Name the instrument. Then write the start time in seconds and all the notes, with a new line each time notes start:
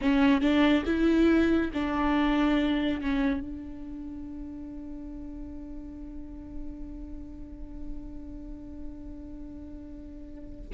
viola
0.01 C#4
0.41 D4
0.85 E4
1.73 D4
3.01 C#4
3.40 D4